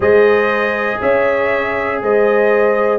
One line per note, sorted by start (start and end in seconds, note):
0.00 0.97 G#3
0.00 2.99 G#4
0.00 0.99 C5
0.00 1.01 D#5
1.00 2.01 C#4
1.00 2.00 C#5
1.00 2.01 E5
2.02 2.99 G#3
2.02 2.99 C5
2.02 2.99 D#5